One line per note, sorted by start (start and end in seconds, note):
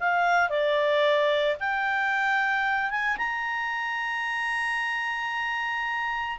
0.00 0.50 F5
0.50 1.57 D5
1.60 2.91 G5
2.91 3.17 G#5
3.18 6.39 A#5